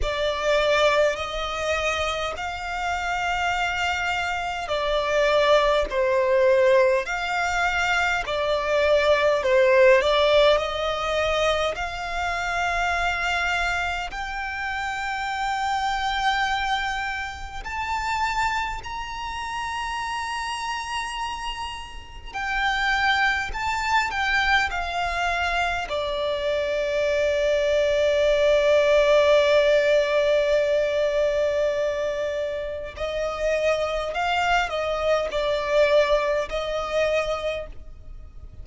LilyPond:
\new Staff \with { instrumentName = "violin" } { \time 4/4 \tempo 4 = 51 d''4 dis''4 f''2 | d''4 c''4 f''4 d''4 | c''8 d''8 dis''4 f''2 | g''2. a''4 |
ais''2. g''4 | a''8 g''8 f''4 d''2~ | d''1 | dis''4 f''8 dis''8 d''4 dis''4 | }